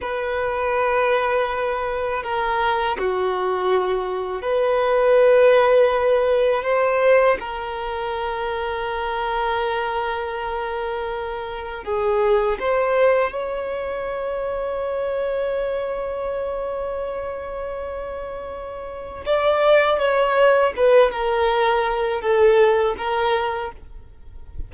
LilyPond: \new Staff \with { instrumentName = "violin" } { \time 4/4 \tempo 4 = 81 b'2. ais'4 | fis'2 b'2~ | b'4 c''4 ais'2~ | ais'1 |
gis'4 c''4 cis''2~ | cis''1~ | cis''2 d''4 cis''4 | b'8 ais'4. a'4 ais'4 | }